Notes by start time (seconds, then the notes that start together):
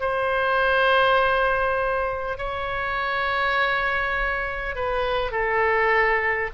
0.00 C5
2.37 C#5
4.75 B4
5.31 A4